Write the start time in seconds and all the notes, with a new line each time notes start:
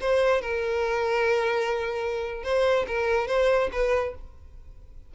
0.00 C5
0.41 A#4
2.43 C5
2.87 A#4
3.27 C5
3.72 B4